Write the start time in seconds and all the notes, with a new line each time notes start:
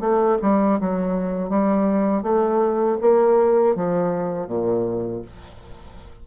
0.00 A3
0.42 G3
0.80 F#3
1.49 G3
2.23 A3
3.01 A#3
3.75 F3
4.47 A#2